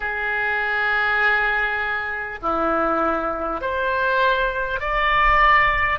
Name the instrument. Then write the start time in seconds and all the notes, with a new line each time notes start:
oboe
0.00 G#4
2.42 E4
3.61 C5
4.79 D5